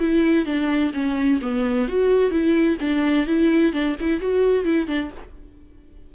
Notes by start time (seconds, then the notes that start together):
0.00 E4
0.46 D4
0.94 C#4
1.42 B3
1.88 F#4
2.31 E4
2.81 D4
3.27 E4
3.73 D4
4.01 E4
4.21 F#4
4.65 E4
4.88 D4